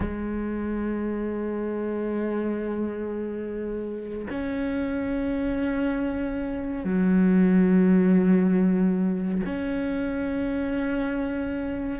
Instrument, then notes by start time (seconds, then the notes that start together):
cello
0.00 G#3
4.29 C#4
6.84 F#3
9.45 C#4